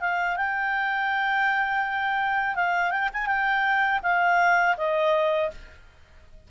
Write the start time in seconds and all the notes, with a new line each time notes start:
0.00 F5
0.36 G5
2.55 F5
2.90 G5
3.13 G#5
3.26 G5
4.02 F5
4.77 D#5